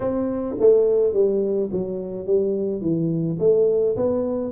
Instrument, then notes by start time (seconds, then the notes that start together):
tuba
0.00 C4
0.59 A3
1.13 G3
1.72 F#3
2.26 G3
2.81 E3
3.39 A3
3.96 B3